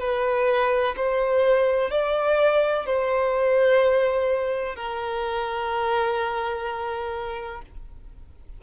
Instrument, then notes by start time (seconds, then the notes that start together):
violin
0.00 B4
0.96 C5
1.90 D5
2.86 C5
4.76 A#4